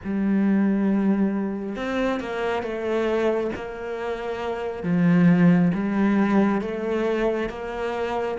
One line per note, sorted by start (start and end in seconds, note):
0.04 1.76 G3
1.76 2.19 C4
2.19 2.62 A#3
2.62 3.51 A3
3.55 4.83 A#3
4.83 5.71 F3
5.74 6.61 G3
6.61 7.49 A3
7.49 8.37 A#3